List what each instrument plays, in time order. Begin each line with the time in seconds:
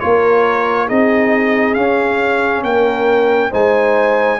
0.00 tuba A#3, trombone F4, horn A#4, trumpet C#5
0.87 tuba C4, trombone D#4, horn G#4, trumpet D#5
1.74 trombone C#4, tuba C#4, trumpet F5
2.63 tuba A#3, horn A#4, trumpet G5
3.50 tuba G#3, trombone D#4, horn C5, trumpet G#5